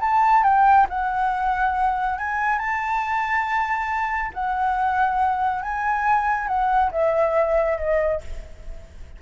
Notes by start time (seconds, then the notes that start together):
0.00 A5
0.43 G5
0.89 F#5
2.18 G#5
2.58 A5
4.33 F#5
5.62 G#5
6.47 F#5
6.91 E5
7.78 D#5